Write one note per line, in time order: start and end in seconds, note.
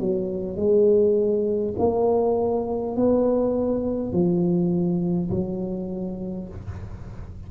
0.00 0.56 F#3
0.56 1.74 G#3
1.79 2.96 A#3
2.96 4.13 B3
4.13 5.30 F3
5.30 6.48 F#3